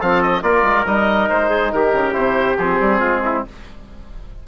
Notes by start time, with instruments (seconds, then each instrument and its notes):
0.00 bassoon F3, trombone C4, trumpet A4, oboe F5
0.23 oboe D#5
0.43 bassoon A#3, trombone F4, trumpet A#4, oboe D5
0.63 bassoon G#3
0.86 bassoon G3, trombone D#4, oboe D#5
1.29 bassoon G#3, oboe C5
1.50 trumpet G#4
1.72 bassoon D#3, trumpet G4, oboe A#4
1.94 bassoon C#3
2.13 bassoon C3, trombone E4, oboe C5
2.58 bassoon F3, trombone C4, oboe G#4
2.81 bassoon G3
3.00 bassoon G#3, trumpet F4
3.25 trumpet E4